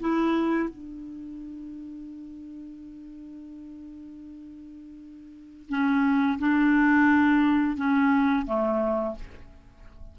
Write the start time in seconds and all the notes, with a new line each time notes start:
0.00 E4
0.69 D4
5.69 C#4
6.39 D4
7.77 C#4
8.46 A3